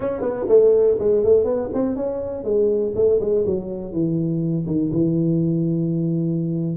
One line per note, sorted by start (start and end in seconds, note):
0.00 0.21 C#4
0.21 0.46 B3
0.48 0.97 A3
0.99 1.24 G#3
1.24 1.44 A3
1.44 1.69 B3
1.73 1.96 C4
1.96 2.43 C#4
2.43 2.93 G#3
2.95 3.19 A3
3.20 3.45 G#3
3.46 3.92 F#3
3.92 4.66 E3
4.66 4.91 D#3
4.92 6.76 E3